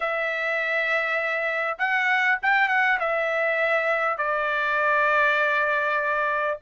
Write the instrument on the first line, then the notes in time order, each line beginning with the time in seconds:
trumpet
0.00 E5
1.78 F#5
2.42 G5
2.68 F#5
2.99 E5
4.17 D5